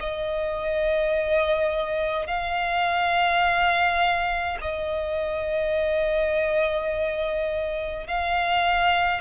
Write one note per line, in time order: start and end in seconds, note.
0.00 2.27 D#5
2.27 4.58 F5
4.61 8.07 D#5
8.07 9.21 F5